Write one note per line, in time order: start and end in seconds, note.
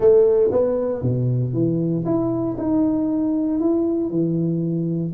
0.00 0.50 A3
0.51 1.02 B3
1.02 1.53 B2
1.53 2.04 E3
2.05 2.56 E4
2.57 3.60 D#4
3.60 4.10 E4
4.10 5.12 E3